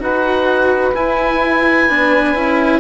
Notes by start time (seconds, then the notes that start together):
0.00 D#4 F#4 B4 F#5
0.94 E4 G#5
1.88 B3 D4
2.35 C#4 E4